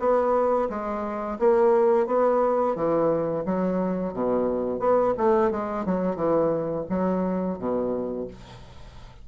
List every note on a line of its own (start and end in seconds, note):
0.00 0.69 B3
0.70 1.39 G#3
1.39 2.07 A#3
2.07 2.76 B3
2.76 3.45 E3
3.46 4.13 F#3
4.13 4.80 B2
4.80 5.14 B3
5.18 5.51 A3
5.51 5.86 G#3
5.86 6.16 F#3
6.16 6.85 E3
6.90 7.59 F#3
7.59 8.28 B2